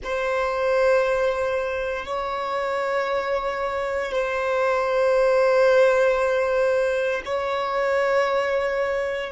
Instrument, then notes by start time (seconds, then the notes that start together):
violin
0.03 C5
2.05 C#5
4.11 C5
7.25 C#5